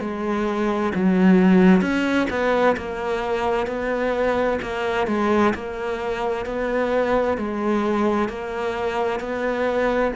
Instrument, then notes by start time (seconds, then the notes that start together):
cello
0.00 G#3
0.94 F#3
1.81 C#4
2.30 B3
2.77 A#3
3.66 B3
4.62 A#3
5.07 G#3
5.54 A#3
6.45 B3
7.37 G#3
8.29 A#3
9.20 B3